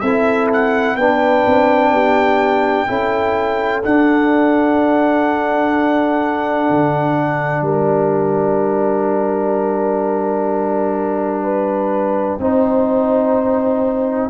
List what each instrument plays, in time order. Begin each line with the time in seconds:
0.00 tuba C4, trombone E4, horn A4, trumpet E5
0.53 trumpet F#5
0.97 tuba B3, trombone D4, horn B4, trumpet G5
1.47 tuba C4
1.91 tuba B3, horn G4
2.87 tuba C#4, trombone E4, horn A4
3.84 trombone D4, tuba D4, trumpet F#5
6.70 tuba D3
7.62 tuba G3, horn A#4, trumpet G5
11.44 horn B4
12.38 tuba C4, trombone D#4, horn C5